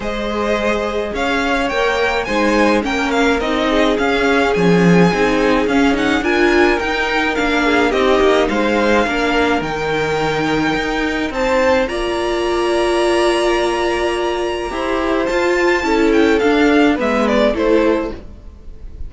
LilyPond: <<
  \new Staff \with { instrumentName = "violin" } { \time 4/4 \tempo 4 = 106 dis''2 f''4 g''4 | gis''4 g''8 f''8 dis''4 f''4 | gis''2 f''8 fis''8 gis''4 | g''4 f''4 dis''4 f''4~ |
f''4 g''2. | a''4 ais''2.~ | ais''2. a''4~ | a''8 g''8 f''4 e''8 d''8 c''4 | }
  \new Staff \with { instrumentName = "violin" } { \time 4/4 c''2 cis''2 | c''4 ais'4. gis'4.~ | gis'2. ais'4~ | ais'4. gis'8 g'4 c''4 |
ais'1 | c''4 d''2.~ | d''2 c''2 | a'2 b'4 a'4 | }
  \new Staff \with { instrumentName = "viola" } { \time 4/4 gis'2. ais'4 | dis'4 cis'4 dis'4 cis'4~ | cis'4 dis'4 cis'8 dis'8 f'4 | dis'4 d'4 dis'2 |
d'4 dis'2.~ | dis'4 f'2.~ | f'2 g'4 f'4 | e'4 d'4 b4 e'4 | }
  \new Staff \with { instrumentName = "cello" } { \time 4/4 gis2 cis'4 ais4 | gis4 ais4 c'4 cis'4 | f4 c'4 cis'4 d'4 | dis'4 ais4 c'8 ais8 gis4 |
ais4 dis2 dis'4 | c'4 ais2.~ | ais2 e'4 f'4 | cis'4 d'4 gis4 a4 | }
>>